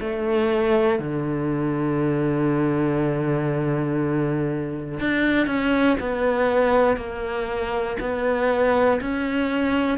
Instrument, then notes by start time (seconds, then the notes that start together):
cello
0.00 A3
1.00 D3
5.00 D4
5.47 C#4
6.00 B3
6.97 A#3
8.00 B3
9.01 C#4